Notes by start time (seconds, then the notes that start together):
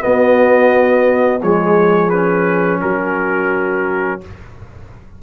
0.00 B3 F#4 D#5
1.40 F3 G#3 G#4 C#5
2.09 C#4 B4
2.81 F#3 F#4 A#4